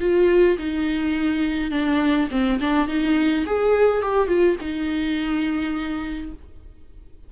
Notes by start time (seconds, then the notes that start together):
0.00 F4
0.58 D#4
1.71 D4
2.31 C4
2.61 D4
2.88 D#4
3.46 G#4
4.02 G4
4.28 F4
4.61 D#4